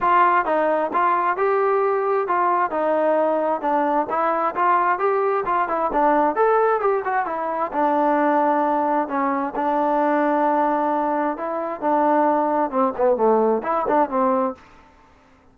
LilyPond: \new Staff \with { instrumentName = "trombone" } { \time 4/4 \tempo 4 = 132 f'4 dis'4 f'4 g'4~ | g'4 f'4 dis'2 | d'4 e'4 f'4 g'4 | f'8 e'8 d'4 a'4 g'8 fis'8 |
e'4 d'2. | cis'4 d'2.~ | d'4 e'4 d'2 | c'8 b8 a4 e'8 d'8 c'4 | }